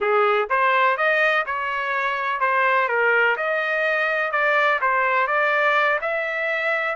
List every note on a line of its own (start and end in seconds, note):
0.00 0.48 G#4
0.49 0.97 C5
0.97 1.45 D#5
1.45 2.40 C#5
2.40 2.88 C5
2.88 3.36 A#4
3.36 4.31 D#5
4.31 4.79 D5
4.81 5.27 C5
5.27 5.99 D5
6.01 6.95 E5